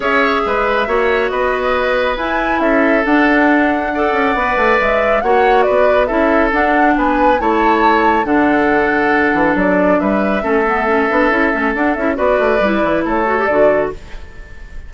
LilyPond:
<<
  \new Staff \with { instrumentName = "flute" } { \time 4/4 \tempo 4 = 138 e''2. dis''4~ | dis''4 gis''4 e''4 fis''4~ | fis''2. e''4 | fis''4 d''4 e''4 fis''4 |
gis''4 a''2 fis''4~ | fis''2 d''4 e''4~ | e''2. fis''8 e''8 | d''2 cis''4 d''4 | }
  \new Staff \with { instrumentName = "oboe" } { \time 4/4 cis''4 b'4 cis''4 b'4~ | b'2 a'2~ | a'4 d''2. | cis''4 b'4 a'2 |
b'4 cis''2 a'4~ | a'2. b'4 | a'1 | b'2 a'2 | }
  \new Staff \with { instrumentName = "clarinet" } { \time 4/4 gis'2 fis'2~ | fis'4 e'2 d'4~ | d'4 a'4 b'2 | fis'2 e'4 d'4~ |
d'4 e'2 d'4~ | d'1 | cis'8 b8 cis'8 d'8 e'8 cis'8 d'8 e'8 | fis'4 e'4. fis'16 g'16 fis'4 | }
  \new Staff \with { instrumentName = "bassoon" } { \time 4/4 cis'4 gis4 ais4 b4~ | b4 e'4 cis'4 d'4~ | d'4. cis'8 b8 a8 gis4 | ais4 b4 cis'4 d'4 |
b4 a2 d4~ | d4. e8 fis4 g4 | a4. b8 cis'8 a8 d'8 cis'8 | b8 a8 g8 e8 a4 d4 | }
>>